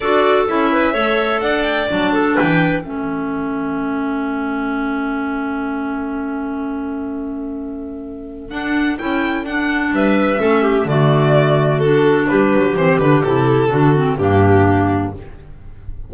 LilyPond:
<<
  \new Staff \with { instrumentName = "violin" } { \time 4/4 \tempo 4 = 127 d''4 e''2 fis''8 g''8 | a''4 g''4 e''2~ | e''1~ | e''1~ |
e''2 fis''4 g''4 | fis''4 e''2 d''4~ | d''4 a'4 b'4 c''8 b'8 | a'2 g'2 | }
  \new Staff \with { instrumentName = "clarinet" } { \time 4/4 a'4. b'8 cis''4 d''4~ | d''8 a'8 b'4 a'2~ | a'1~ | a'1~ |
a'1~ | a'4 b'4 a'8 g'8 fis'4~ | fis'2 g'2~ | g'4 fis'4 d'2 | }
  \new Staff \with { instrumentName = "clarinet" } { \time 4/4 fis'4 e'4 a'2 | d'2 cis'2~ | cis'1~ | cis'1~ |
cis'2 d'4 e'4 | d'2 cis'4 a4~ | a4 d'2 c'8 d'8 | e'4 d'8 c'8 ais2 | }
  \new Staff \with { instrumentName = "double bass" } { \time 4/4 d'4 cis'4 a4 d'4 | fis4 e4 a2~ | a1~ | a1~ |
a2 d'4 cis'4 | d'4 g4 a4 d4~ | d2 g8 fis8 e8 d8 | c4 d4 g,2 | }
>>